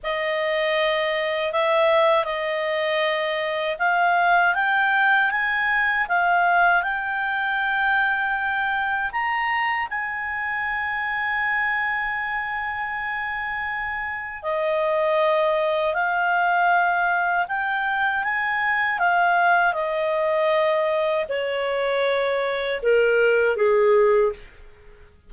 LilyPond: \new Staff \with { instrumentName = "clarinet" } { \time 4/4 \tempo 4 = 79 dis''2 e''4 dis''4~ | dis''4 f''4 g''4 gis''4 | f''4 g''2. | ais''4 gis''2.~ |
gis''2. dis''4~ | dis''4 f''2 g''4 | gis''4 f''4 dis''2 | cis''2 ais'4 gis'4 | }